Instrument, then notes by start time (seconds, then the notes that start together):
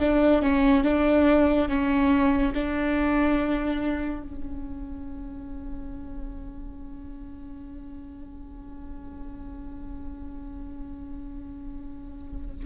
viola
0.00 D4
0.42 C#4
0.84 D4
1.69 C#4
2.54 D4
4.23 C#4